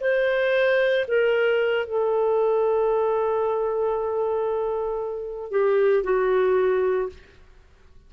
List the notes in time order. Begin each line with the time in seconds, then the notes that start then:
0.00 C5
1.08 A#4
1.86 A4
5.51 G4
6.03 F#4